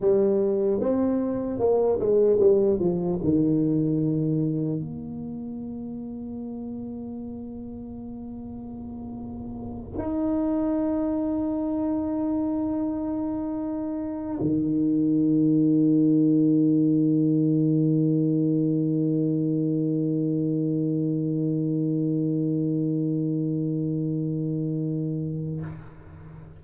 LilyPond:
\new Staff \with { instrumentName = "tuba" } { \time 4/4 \tempo 4 = 75 g4 c'4 ais8 gis8 g8 f8 | dis2 ais2~ | ais1~ | ais8 dis'2.~ dis'8~ |
dis'2 dis2~ | dis1~ | dis1~ | dis1 | }